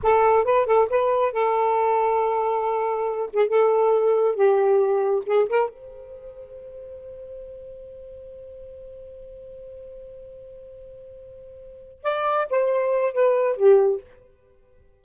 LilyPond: \new Staff \with { instrumentName = "saxophone" } { \time 4/4 \tempo 4 = 137 a'4 b'8 a'8 b'4 a'4~ | a'2.~ a'8 gis'8 | a'2 g'2 | gis'8 ais'8 c''2.~ |
c''1~ | c''1~ | c''2.~ c''8 d''8~ | d''8 c''4. b'4 g'4 | }